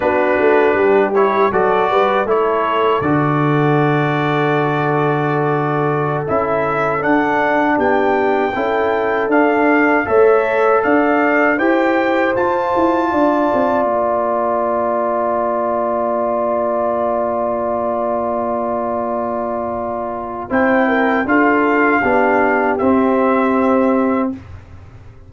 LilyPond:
<<
  \new Staff \with { instrumentName = "trumpet" } { \time 4/4 \tempo 4 = 79 b'4. cis''8 d''4 cis''4 | d''1~ | d''16 e''4 fis''4 g''4.~ g''16~ | g''16 f''4 e''4 f''4 g''8.~ |
g''16 a''2 ais''4.~ ais''16~ | ais''1~ | ais''2. g''4 | f''2 e''2 | }
  \new Staff \with { instrumentName = "horn" } { \time 4/4 fis'4 g'4 a'8 b'8 a'4~ | a'1~ | a'2~ a'16 g'4 a'8.~ | a'4~ a'16 cis''4 d''4 c''8.~ |
c''4~ c''16 d''2~ d''8.~ | d''1~ | d''2. c''8 ais'8 | a'4 g'2. | }
  \new Staff \with { instrumentName = "trombone" } { \time 4/4 d'4. e'8 fis'4 e'4 | fis'1~ | fis'16 e'4 d'2 e'8.~ | e'16 d'4 a'2 g'8.~ |
g'16 f'2.~ f'8.~ | f'1~ | f'2. e'4 | f'4 d'4 c'2 | }
  \new Staff \with { instrumentName = "tuba" } { \time 4/4 b8 a8 g4 fis8 g8 a4 | d1~ | d16 cis'4 d'4 b4 cis'8.~ | cis'16 d'4 a4 d'4 e'8.~ |
e'16 f'8 e'8 d'8 c'8 ais4.~ ais16~ | ais1~ | ais2. c'4 | d'4 b4 c'2 | }
>>